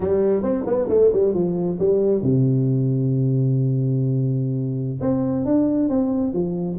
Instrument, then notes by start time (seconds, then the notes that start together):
tuba
0.00 G3
0.42 C4
0.66 B3
0.88 A3
1.13 G3
1.33 F3
1.79 G3
2.22 C3
5.00 C4
5.45 D4
5.89 C4
6.33 F3